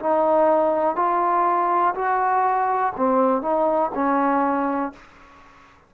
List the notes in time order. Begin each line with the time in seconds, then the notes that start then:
0.00 D#4
0.96 F4
1.95 F#4
2.97 C4
3.42 D#4
3.95 C#4